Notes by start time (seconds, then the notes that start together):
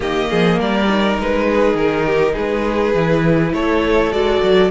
0.00 D#3 A#3 G4 D#5
0.29 F3 G#4
0.58 G3 A#4 D5
0.88 D#4
1.19 G#3 B4
1.49 G#4
1.74 D#3 A#4
2.06 G4
2.32 G#3 G#4 B4
2.94 E3 E4
3.52 A3 A4 C#5
4.12 G#3 F#4 D5
4.42 F#3